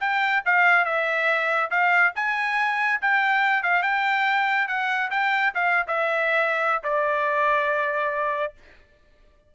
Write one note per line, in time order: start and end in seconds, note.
0.00 0.43 G5
0.45 0.85 F5
0.85 1.70 E5
1.70 2.13 F5
2.15 3.00 G#5
3.01 3.63 G5
3.63 3.82 F5
3.82 4.67 G5
4.67 5.10 F#5
5.10 5.53 G5
5.54 5.86 F5
5.87 6.83 E5
6.83 8.53 D5